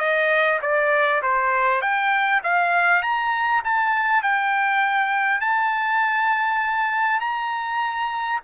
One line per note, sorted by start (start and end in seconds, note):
0.00 0.60 D#5
0.62 1.22 D5
1.23 1.82 C5
1.82 2.42 G5
2.44 3.03 F5
3.03 3.63 A#5
3.65 4.23 A5
4.23 5.41 G5
5.41 7.21 A5
7.21 8.41 A#5